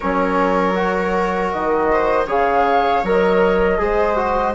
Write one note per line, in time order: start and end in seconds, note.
0.00 1.54 F#3
0.00 0.74 C#4
0.00 1.89 A#4
0.00 1.50 C#5
0.74 2.26 F#4
1.51 2.26 D#3
1.51 2.27 D#5
1.91 2.27 C5
2.26 3.02 C#3
2.26 3.03 G#4
2.26 3.78 C#5
2.26 3.06 F5
3.03 3.79 F#3
3.03 3.78 A#4
3.03 4.55 D#5
3.78 4.55 G#3
3.78 4.16 G#4
3.78 4.55 C5
4.16 4.54 F#4